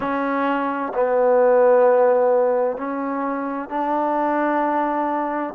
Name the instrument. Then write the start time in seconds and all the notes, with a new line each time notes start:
trombone
0.00 C#4
0.94 B3
2.77 C#4
3.69 D4